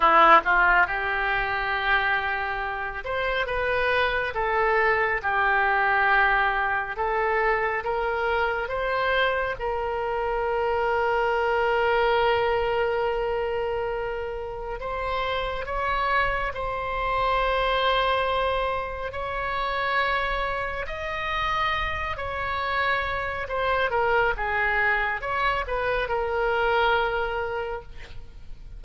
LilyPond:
\new Staff \with { instrumentName = "oboe" } { \time 4/4 \tempo 4 = 69 e'8 f'8 g'2~ g'8 c''8 | b'4 a'4 g'2 | a'4 ais'4 c''4 ais'4~ | ais'1~ |
ais'4 c''4 cis''4 c''4~ | c''2 cis''2 | dis''4. cis''4. c''8 ais'8 | gis'4 cis''8 b'8 ais'2 | }